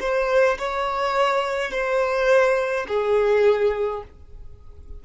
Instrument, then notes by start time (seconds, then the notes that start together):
violin
0.00 C5
0.58 C#5
1.71 C5
2.88 G#4